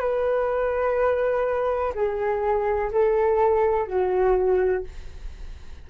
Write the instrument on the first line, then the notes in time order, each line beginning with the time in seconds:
flute
0.00 B4
1.95 G#4
2.92 A4
3.88 F#4